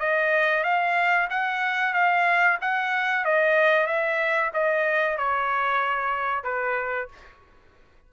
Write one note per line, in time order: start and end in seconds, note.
0.00 0.64 D#5
0.64 1.29 F5
1.31 1.94 F#5
1.94 2.59 F5
2.62 3.25 F#5
3.25 3.87 D#5
3.87 4.52 E5
4.54 5.18 D#5
5.18 6.44 C#5
6.44 7.09 B4